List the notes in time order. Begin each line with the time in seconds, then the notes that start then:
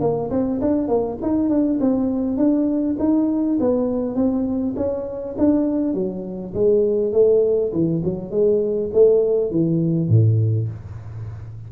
0.00 A#3
0.31 C4
0.61 D4
0.88 A#3
1.22 D#4
1.49 D4
1.80 C4
2.37 D4
2.99 D#4
3.60 B3
4.15 C4
4.76 C#4
5.38 D4
5.94 F#3
6.54 G#3
7.12 A3
7.72 E3
8.04 F#3
8.31 G#3
8.93 A3
9.51 E3
10.09 A2